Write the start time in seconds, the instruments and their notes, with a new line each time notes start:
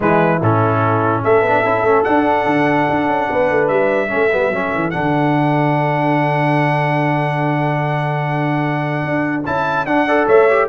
0.00 tuba E3, trombone G#3, horn E4, trumpet B4
0.41 tuba A2, trombone C#4, trumpet A4
1.23 tuba A3, horn A4, trumpet E5
1.41 tuba B3, trombone D4
1.64 tuba C#4, trombone E4
1.82 tuba A3, trombone C#4
2.03 trombone D4, tuba D4, trumpet F#5
2.46 tuba D3
2.89 tuba D4
3.07 tuba C#4
3.29 tuba B3, horn B4
3.50 tuba A3
3.67 tuba G3, trumpet E5
4.08 tuba A3, trombone C#4, horn A4
4.32 tuba G3, trombone B3
4.49 tuba F#3, trombone C#4
4.74 tuba E3
4.90 tuba D3, trombone D4, trumpet F#5
9.04 tuba D4
9.45 tuba C#4, trombone E4, trumpet A5
9.85 tuba D4, trombone D4, trumpet F#5
10.06 trombone A4, horn D5
10.27 tuba A3, horn C#5, trumpet E5
10.49 trombone G4